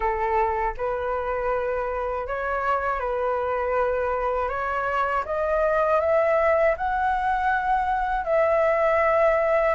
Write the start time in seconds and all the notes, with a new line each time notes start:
0.00 A4
0.77 B4
2.27 C#5
2.99 B4
4.49 C#5
5.25 D#5
6.00 E5
6.77 F#5
8.24 E5